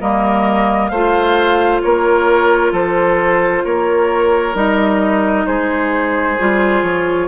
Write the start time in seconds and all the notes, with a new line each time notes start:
0.00 G3 A#3 A#4 D#5
0.89 A3 F4 C5 F5
1.82 A#3 A#4 C#5
2.72 F3 A4 C5
3.64 A#3 A#4 C#5
4.54 G3 D#4 D#5
5.46 G#3 G#4 C5
6.39 G3 F4
6.82 F3 C#5